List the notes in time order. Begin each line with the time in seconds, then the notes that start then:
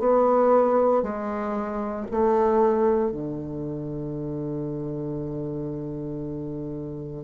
0.00 B3
1.03 G#3
2.12 A3
3.12 D3